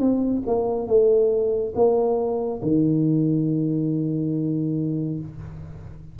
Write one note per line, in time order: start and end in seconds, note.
0.00 0.43 C4
0.47 0.88 A#3
0.88 1.73 A3
1.75 2.61 A#3
2.63 5.20 D#3